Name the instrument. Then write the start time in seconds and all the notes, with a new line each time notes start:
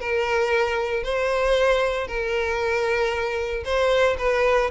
violin
0.00 A#4
1.04 C5
2.08 A#4
3.65 C5
4.19 B4